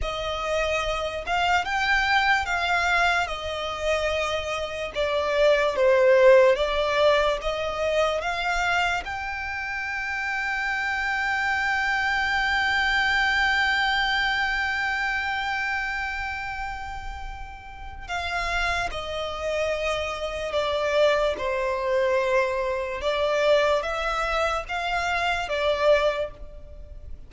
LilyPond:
\new Staff \with { instrumentName = "violin" } { \time 4/4 \tempo 4 = 73 dis''4. f''8 g''4 f''4 | dis''2 d''4 c''4 | d''4 dis''4 f''4 g''4~ | g''1~ |
g''1~ | g''2 f''4 dis''4~ | dis''4 d''4 c''2 | d''4 e''4 f''4 d''4 | }